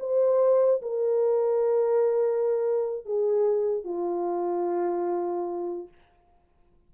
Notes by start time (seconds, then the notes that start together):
0.00 C5
0.82 A#4
3.06 G#4
3.85 F4